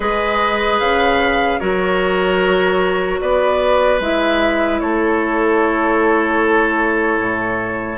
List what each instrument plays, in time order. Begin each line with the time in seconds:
0.00 bassoon G#3, clarinet G#4, oboe B4, flute D#5
0.79 bassoon C#3, flute F5
1.59 bassoon F#3, clarinet F#4, oboe A#4, flute C#5
3.20 bassoon B3, oboe B4, flute D5
4.00 bassoon G#3, clarinet E4, flute E5
4.79 bassoon A3, oboe A4, flute C#5
7.19 bassoon A2